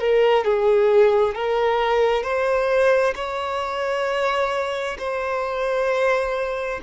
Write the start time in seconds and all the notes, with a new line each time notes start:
0.00 A#4
0.45 G#4
1.35 A#4
2.23 C5
3.15 C#5
4.98 C5